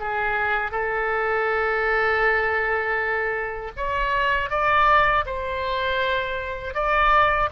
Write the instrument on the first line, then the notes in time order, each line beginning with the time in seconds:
oboe
0.00 G#4
0.72 A4
3.77 C#5
4.50 D5
5.26 C5
6.75 D5